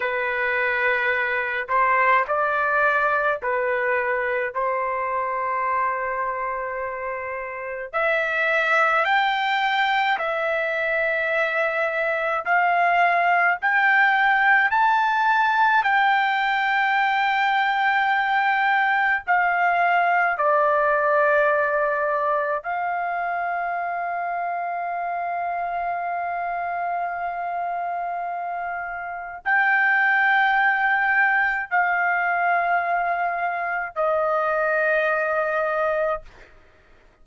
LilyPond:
\new Staff \with { instrumentName = "trumpet" } { \time 4/4 \tempo 4 = 53 b'4. c''8 d''4 b'4 | c''2. e''4 | g''4 e''2 f''4 | g''4 a''4 g''2~ |
g''4 f''4 d''2 | f''1~ | f''2 g''2 | f''2 dis''2 | }